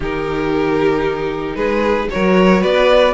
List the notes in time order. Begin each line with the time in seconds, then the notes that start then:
0.00 D#3 D#4 G4 A#4
1.55 G#3 G#4 B4
2.10 F#3 F#4 A#4 C#5
2.61 B3 B4 D5